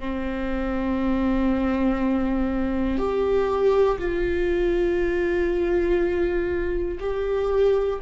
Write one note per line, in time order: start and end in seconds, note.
0.00 2.99 C4
2.99 3.99 G4
3.99 6.99 F4
7.00 8.00 G4